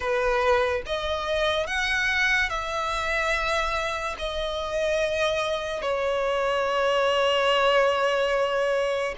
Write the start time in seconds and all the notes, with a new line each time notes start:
0.00 B4
0.86 D#5
1.66 F#5
2.49 E5
4.18 D#5
5.81 C#5